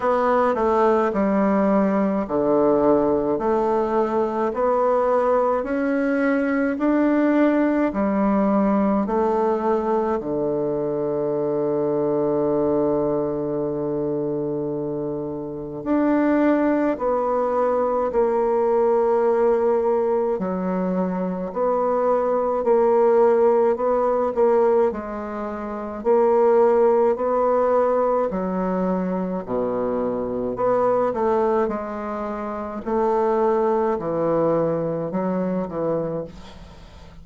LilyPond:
\new Staff \with { instrumentName = "bassoon" } { \time 4/4 \tempo 4 = 53 b8 a8 g4 d4 a4 | b4 cis'4 d'4 g4 | a4 d2.~ | d2 d'4 b4 |
ais2 fis4 b4 | ais4 b8 ais8 gis4 ais4 | b4 fis4 b,4 b8 a8 | gis4 a4 e4 fis8 e8 | }